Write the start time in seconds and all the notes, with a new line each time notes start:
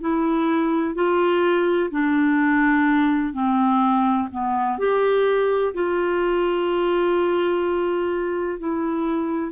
0.00 E4
0.94 F4
1.90 D4
3.33 C4
4.31 B3
4.78 G4
5.74 F4
8.58 E4